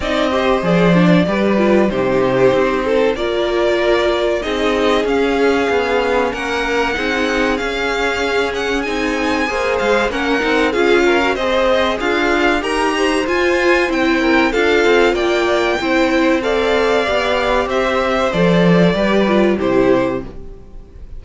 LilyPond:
<<
  \new Staff \with { instrumentName = "violin" } { \time 4/4 \tempo 4 = 95 dis''4 d''2 c''4~ | c''4 d''2 dis''4 | f''2 fis''2 | f''4. fis''8 gis''4. f''8 |
fis''4 f''4 dis''4 f''4 | ais''4 gis''4 g''4 f''4 | g''2 f''2 | e''4 d''2 c''4 | }
  \new Staff \with { instrumentName = "violin" } { \time 4/4 d''8 c''4. b'4 g'4~ | g'8 a'8 ais'2 gis'4~ | gis'2 ais'4 gis'4~ | gis'2. c''4 |
ais'4 gis'8 ais'8 c''4 f'4 | ais'8 c''2 ais'8 a'4 | d''4 c''4 d''2 | c''2 b'4 g'4 | }
  \new Staff \with { instrumentName = "viola" } { \time 4/4 dis'8 g'8 gis'8 d'8 g'8 f'8 dis'4~ | dis'4 f'2 dis'4 | cis'2. dis'4 | cis'2 dis'4 gis'4 |
cis'8 dis'8 f'8. fis'16 gis'2 | g'4 f'4 e'4 f'4~ | f'4 e'4 a'4 g'4~ | g'4 a'4 g'8 f'8 e'4 | }
  \new Staff \with { instrumentName = "cello" } { \time 4/4 c'4 f4 g4 c4 | c'4 ais2 c'4 | cis'4 b4 ais4 c'4 | cis'2 c'4 ais8 gis8 |
ais8 c'8 cis'4 c'4 d'4 | dis'4 f'4 c'4 d'8 c'8 | ais4 c'2 b4 | c'4 f4 g4 c4 | }
>>